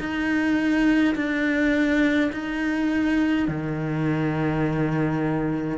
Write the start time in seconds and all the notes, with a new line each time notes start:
0.00 D#4
1.16 D4
2.33 D#4
3.49 D#3